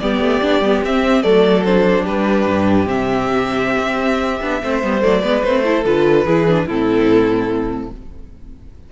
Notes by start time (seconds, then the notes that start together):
0.00 G3 B3 G4 D5
0.20 A3
0.42 B3 D4
0.61 G3 B3
0.84 C4 E5
1.23 F#3 A3 A4 D5
1.65 D4 C5
2.04 G3 G4 B4
2.47 G2
2.85 C3 C4 E5
3.79 C4
4.42 B3 D4
4.63 A3 C4 C5
4.84 G3 B3
5.02 F#3 A3 D5
5.22 G#3 B3 B4
5.43 A3 C4 C5
5.65 E4 A4
5.85 D3 F4 B4
6.26 E3 E4 G#4
6.49 D4
6.67 A2 C4 E4 A4